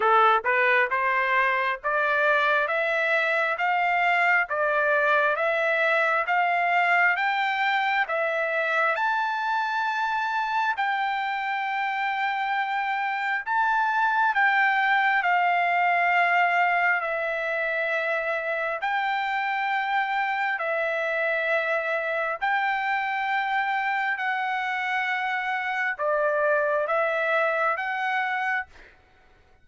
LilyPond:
\new Staff \with { instrumentName = "trumpet" } { \time 4/4 \tempo 4 = 67 a'8 b'8 c''4 d''4 e''4 | f''4 d''4 e''4 f''4 | g''4 e''4 a''2 | g''2. a''4 |
g''4 f''2 e''4~ | e''4 g''2 e''4~ | e''4 g''2 fis''4~ | fis''4 d''4 e''4 fis''4 | }